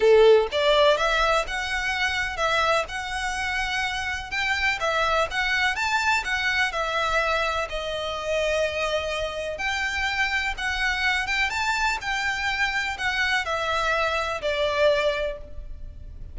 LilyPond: \new Staff \with { instrumentName = "violin" } { \time 4/4 \tempo 4 = 125 a'4 d''4 e''4 fis''4~ | fis''4 e''4 fis''2~ | fis''4 g''4 e''4 fis''4 | a''4 fis''4 e''2 |
dis''1 | g''2 fis''4. g''8 | a''4 g''2 fis''4 | e''2 d''2 | }